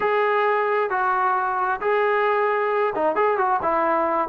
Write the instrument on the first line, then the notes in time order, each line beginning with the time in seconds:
trombone
0.00 G#4
0.90 F#4
1.80 G#4
2.95 D#4
3.15 G#4
3.37 F#4
3.62 E4